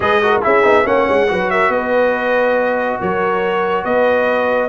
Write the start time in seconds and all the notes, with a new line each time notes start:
0.00 G#3 G#4 B4 D#5
0.22 F#4 A#4
0.42 C#4 E4 G#4 E5
0.63 B3 D#4
0.84 A#3 C#4 C#5 F#5
1.08 G#3
1.28 F#3 F#4 B4
1.50 A#4 E5
1.69 B3 B4 D#5
2.99 F#3 A#4 C#5
3.84 B3 B4 D#5